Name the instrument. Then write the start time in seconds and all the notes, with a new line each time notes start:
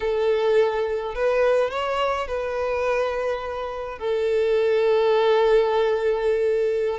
violin
0.00 A4
1.14 B4
1.70 C#5
2.27 B4
3.98 A4